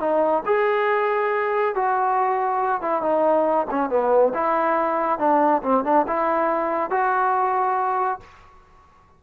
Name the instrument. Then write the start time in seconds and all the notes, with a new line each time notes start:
trombone
0.00 D#4
0.46 G#4
1.75 F#4
2.81 E4
3.02 D#4
3.70 C#4
3.90 B3
4.34 E4
5.19 D4
5.63 C4
5.84 D4
6.07 E4
6.90 F#4